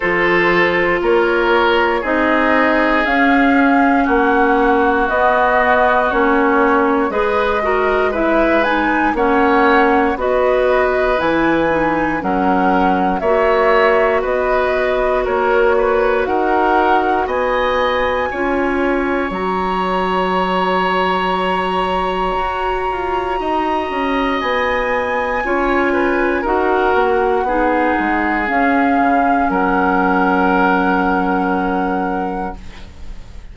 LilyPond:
<<
  \new Staff \with { instrumentName = "flute" } { \time 4/4 \tempo 4 = 59 c''4 cis''4 dis''4 f''4 | fis''4 dis''4 cis''4 dis''4 | e''8 gis''8 fis''4 dis''4 gis''4 | fis''4 e''4 dis''4 cis''4 |
fis''4 gis''2 ais''4~ | ais''1 | gis''2 fis''2 | f''4 fis''2. | }
  \new Staff \with { instrumentName = "oboe" } { \time 4/4 a'4 ais'4 gis'2 | fis'2. b'8 ais'8 | b'4 cis''4 b'2 | ais'4 cis''4 b'4 ais'8 b'8 |
ais'4 dis''4 cis''2~ | cis''2. dis''4~ | dis''4 cis''8 b'8 ais'4 gis'4~ | gis'4 ais'2. | }
  \new Staff \with { instrumentName = "clarinet" } { \time 4/4 f'2 dis'4 cis'4~ | cis'4 b4 cis'4 gis'8 fis'8 | e'8 dis'8 cis'4 fis'4 e'8 dis'8 | cis'4 fis'2.~ |
fis'2 f'4 fis'4~ | fis'1~ | fis'4 f'4 fis'4 dis'4 | cis'1 | }
  \new Staff \with { instrumentName = "bassoon" } { \time 4/4 f4 ais4 c'4 cis'4 | ais4 b4 ais4 gis4~ | gis4 ais4 b4 e4 | fis4 ais4 b4 ais4 |
dis'4 b4 cis'4 fis4~ | fis2 fis'8 f'8 dis'8 cis'8 | b4 cis'4 dis'8 ais8 b8 gis8 | cis'8 cis8 fis2. | }
>>